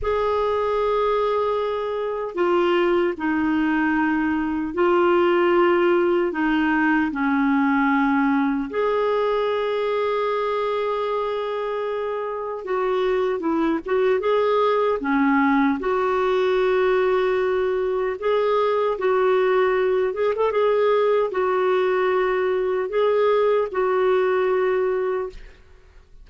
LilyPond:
\new Staff \with { instrumentName = "clarinet" } { \time 4/4 \tempo 4 = 76 gis'2. f'4 | dis'2 f'2 | dis'4 cis'2 gis'4~ | gis'1 |
fis'4 e'8 fis'8 gis'4 cis'4 | fis'2. gis'4 | fis'4. gis'16 a'16 gis'4 fis'4~ | fis'4 gis'4 fis'2 | }